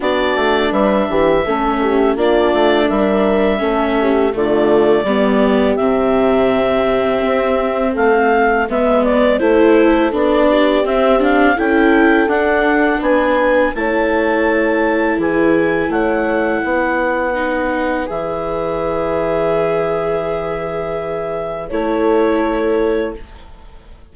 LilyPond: <<
  \new Staff \with { instrumentName = "clarinet" } { \time 4/4 \tempo 4 = 83 d''4 e''2 d''4 | e''2 d''2 | e''2. f''4 | e''8 d''8 c''4 d''4 e''8 f''8 |
g''4 fis''4 gis''4 a''4~ | a''4 gis''4 fis''2~ | fis''4 e''2.~ | e''2 cis''2 | }
  \new Staff \with { instrumentName = "horn" } { \time 4/4 fis'4 b'8 g'8 a'8 g'8 f'4 | ais'4 a'8 g'8 f'4 g'4~ | g'2. a'4 | b'4 a'4. g'4. |
a'2 b'4 cis''4~ | cis''4 gis'4 cis''4 b'4~ | b'1~ | b'2 a'2 | }
  \new Staff \with { instrumentName = "viola" } { \time 4/4 d'2 cis'4 d'4~ | d'4 cis'4 a4 b4 | c'1 | b4 e'4 d'4 c'8 d'8 |
e'4 d'2 e'4~ | e'1 | dis'4 gis'2.~ | gis'2 e'2 | }
  \new Staff \with { instrumentName = "bassoon" } { \time 4/4 b8 a8 g8 e8 a4 ais8 a8 | g4 a4 d4 g4 | c2 c'4 a4 | gis4 a4 b4 c'4 |
cis'4 d'4 b4 a4~ | a4 e4 a4 b4~ | b4 e2.~ | e2 a2 | }
>>